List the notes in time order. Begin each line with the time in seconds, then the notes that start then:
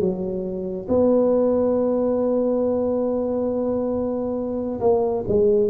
0.00 F#3
0.89 B3
4.80 A#3
5.28 G#3